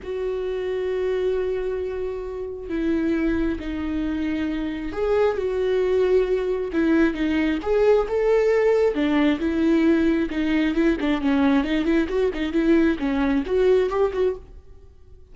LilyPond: \new Staff \with { instrumentName = "viola" } { \time 4/4 \tempo 4 = 134 fis'1~ | fis'2 e'2 | dis'2. gis'4 | fis'2. e'4 |
dis'4 gis'4 a'2 | d'4 e'2 dis'4 | e'8 d'8 cis'4 dis'8 e'8 fis'8 dis'8 | e'4 cis'4 fis'4 g'8 fis'8 | }